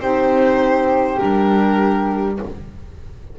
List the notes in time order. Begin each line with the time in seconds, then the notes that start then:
0.00 C4 D#4 G4 C5
1.18 G3 D4 A#4